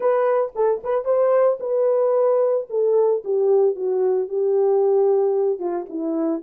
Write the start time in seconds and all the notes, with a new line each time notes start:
0.00 B4
0.55 A4
0.83 B4
1.04 C5
1.59 B4
2.69 A4
3.24 G4
3.75 F#4
4.28 G4
5.59 F4
5.89 E4